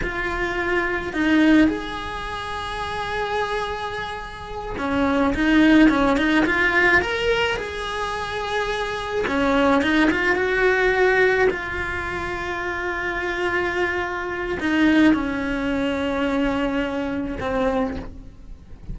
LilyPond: \new Staff \with { instrumentName = "cello" } { \time 4/4 \tempo 4 = 107 f'2 dis'4 gis'4~ | gis'1~ | gis'8 cis'4 dis'4 cis'8 dis'8 f'8~ | f'8 ais'4 gis'2~ gis'8~ |
gis'8 cis'4 dis'8 f'8 fis'4.~ | fis'8 f'2.~ f'8~ | f'2 dis'4 cis'4~ | cis'2. c'4 | }